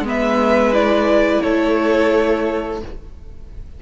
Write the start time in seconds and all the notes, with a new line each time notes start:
0.00 G#3 B3
0.06 B4 E5
0.73 E4 D5
1.42 A3 A4 C#5